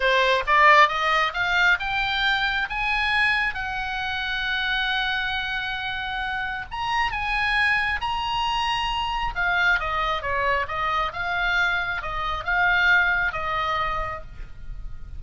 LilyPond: \new Staff \with { instrumentName = "oboe" } { \time 4/4 \tempo 4 = 135 c''4 d''4 dis''4 f''4 | g''2 gis''2 | fis''1~ | fis''2. ais''4 |
gis''2 ais''2~ | ais''4 f''4 dis''4 cis''4 | dis''4 f''2 dis''4 | f''2 dis''2 | }